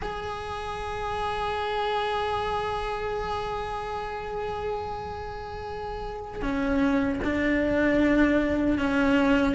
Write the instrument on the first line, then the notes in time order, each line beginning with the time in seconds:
cello
0.01 G#4
6.41 C#4
7.24 D4
8.78 C#4